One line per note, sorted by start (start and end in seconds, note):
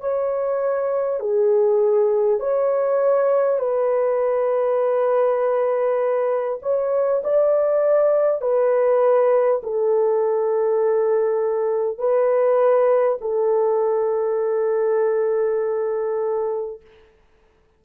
0.00 1.19 C#5
1.19 2.39 G#4
2.39 3.58 C#5
3.58 6.58 B4
6.62 7.22 C#5
7.24 8.41 D5
8.41 9.61 B4
9.63 11.98 A4
11.98 13.18 B4
13.21 16.81 A4